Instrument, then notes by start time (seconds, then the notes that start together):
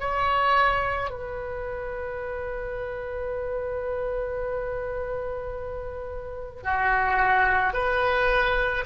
oboe
0.00 C#5
1.11 B4
6.64 F#4
7.74 B4